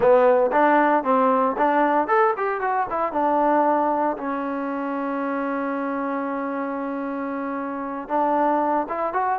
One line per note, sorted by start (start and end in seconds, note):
0.00 0.51 B3
0.51 1.03 D4
1.03 1.56 C4
1.57 2.07 D4
2.07 2.33 A4
2.36 2.60 G4
2.60 2.86 F#4
2.90 3.12 E4
3.12 4.16 D4
4.17 8.08 C#4
8.08 8.86 D4
8.88 9.13 E4
9.13 9.39 F#4